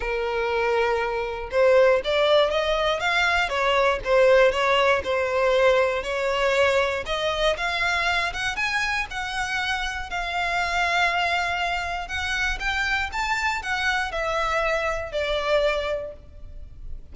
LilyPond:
\new Staff \with { instrumentName = "violin" } { \time 4/4 \tempo 4 = 119 ais'2. c''4 | d''4 dis''4 f''4 cis''4 | c''4 cis''4 c''2 | cis''2 dis''4 f''4~ |
f''8 fis''8 gis''4 fis''2 | f''1 | fis''4 g''4 a''4 fis''4 | e''2 d''2 | }